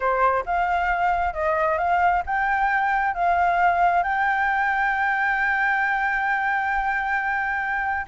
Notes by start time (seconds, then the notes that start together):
0.00 C5
0.45 F5
1.33 D#5
1.77 F5
2.26 G5
3.14 F5
4.03 G5